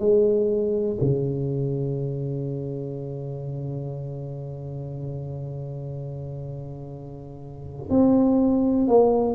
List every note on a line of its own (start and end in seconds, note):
0.00 0.98 G#3
1.01 7.90 C#3
7.90 8.88 C4
8.88 9.35 A#3